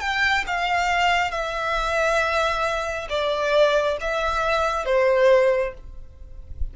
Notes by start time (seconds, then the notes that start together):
0.00 G5
0.47 F5
1.31 E5
3.09 D5
4.01 E5
4.85 C5